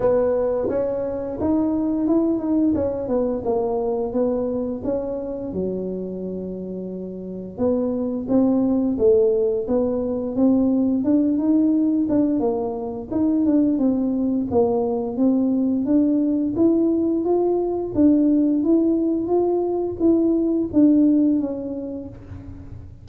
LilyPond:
\new Staff \with { instrumentName = "tuba" } { \time 4/4 \tempo 4 = 87 b4 cis'4 dis'4 e'8 dis'8 | cis'8 b8 ais4 b4 cis'4 | fis2. b4 | c'4 a4 b4 c'4 |
d'8 dis'4 d'8 ais4 dis'8 d'8 | c'4 ais4 c'4 d'4 | e'4 f'4 d'4 e'4 | f'4 e'4 d'4 cis'4 | }